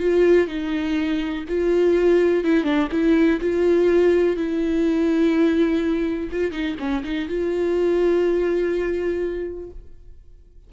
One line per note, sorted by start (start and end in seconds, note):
0.00 0.48 F4
0.48 1.45 D#4
1.49 2.44 F4
2.44 2.64 E4
2.64 2.88 D4
2.92 3.40 E4
3.41 4.37 F4
4.37 6.30 E4
6.32 6.52 F4
6.52 6.76 D#4
6.79 7.04 C#4
7.04 7.28 D#4
7.28 9.70 F4